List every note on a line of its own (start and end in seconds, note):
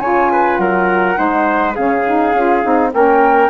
0.00 0.59 C#3
0.00 1.16 F4
0.00 0.31 C#5
0.00 0.57 G#5
0.32 0.61 B4
0.57 1.17 F#3
0.57 1.19 A#4
0.57 1.74 F#5
1.16 1.77 G#3
1.16 1.74 D#4
1.16 1.76 C5
1.75 2.34 C#3
1.75 2.06 C#4
1.75 2.92 G#4
1.75 2.92 F5
2.07 2.36 D#4
2.34 2.63 C#4
2.34 2.63 F4
2.63 2.94 C4
2.63 2.93 D#4
2.93 3.50 A#3
2.93 3.50 C#4
2.93 3.50 A#4
2.93 3.50 G5